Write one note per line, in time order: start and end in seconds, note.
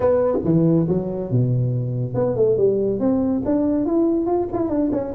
0.00 0.38 B3
0.44 0.87 E3
0.88 1.31 F#3
1.31 2.14 B2
2.14 2.36 B3
2.36 2.57 A3
2.57 2.99 G3
2.99 3.42 C4
3.45 3.85 D4
3.85 4.26 E4
4.26 4.47 F4
4.52 4.69 E4
4.69 4.90 D4
4.92 5.13 C#4